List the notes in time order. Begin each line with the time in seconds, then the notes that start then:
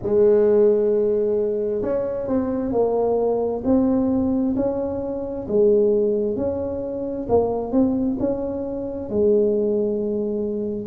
0.02 G#3
1.82 C#4
2.27 C4
2.71 A#3
3.64 C4
4.56 C#4
5.48 G#3
6.36 C#4
7.29 A#3
7.71 C4
8.19 C#4
9.09 G#3